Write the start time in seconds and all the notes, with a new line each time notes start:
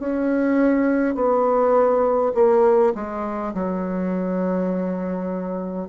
0.00 C#4
1.15 B3
2.35 A#3
2.95 G#3
3.54 F#3